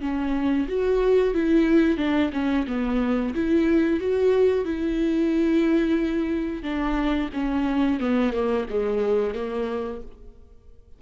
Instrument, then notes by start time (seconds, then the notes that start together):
viola
0.00 C#4
0.68 F#4
1.34 E4
1.97 D4
2.32 C#4
2.67 B3
3.34 E4
3.99 F#4
4.64 E4
6.63 D4
7.33 C#4
7.99 B3
8.32 A#3
8.69 G#3
9.34 A#3